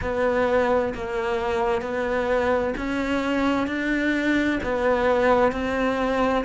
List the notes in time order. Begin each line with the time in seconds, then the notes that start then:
0.01 B3
0.94 A#3
1.81 B3
2.77 C#4
3.67 D4
4.63 B3
5.51 C4